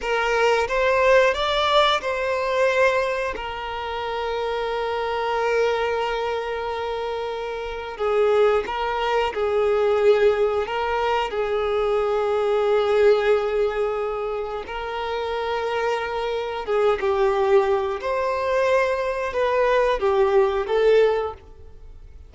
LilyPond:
\new Staff \with { instrumentName = "violin" } { \time 4/4 \tempo 4 = 90 ais'4 c''4 d''4 c''4~ | c''4 ais'2.~ | ais'1 | gis'4 ais'4 gis'2 |
ais'4 gis'2.~ | gis'2 ais'2~ | ais'4 gis'8 g'4. c''4~ | c''4 b'4 g'4 a'4 | }